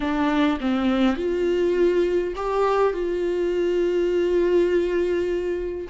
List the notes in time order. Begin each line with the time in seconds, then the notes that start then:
0.00 D4
0.60 C4
1.16 F4
2.36 G4
2.93 F4